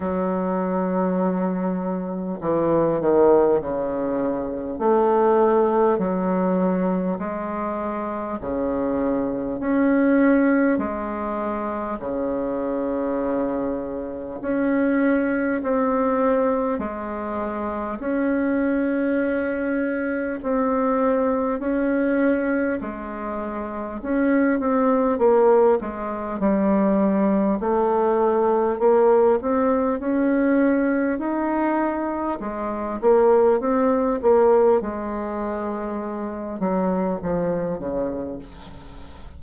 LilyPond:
\new Staff \with { instrumentName = "bassoon" } { \time 4/4 \tempo 4 = 50 fis2 e8 dis8 cis4 | a4 fis4 gis4 cis4 | cis'4 gis4 cis2 | cis'4 c'4 gis4 cis'4~ |
cis'4 c'4 cis'4 gis4 | cis'8 c'8 ais8 gis8 g4 a4 | ais8 c'8 cis'4 dis'4 gis8 ais8 | c'8 ais8 gis4. fis8 f8 cis8 | }